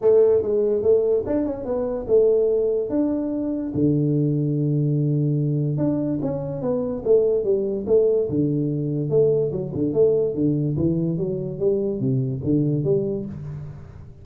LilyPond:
\new Staff \with { instrumentName = "tuba" } { \time 4/4 \tempo 4 = 145 a4 gis4 a4 d'8 cis'8 | b4 a2 d'4~ | d'4 d2.~ | d2 d'4 cis'4 |
b4 a4 g4 a4 | d2 a4 fis8 d8 | a4 d4 e4 fis4 | g4 c4 d4 g4 | }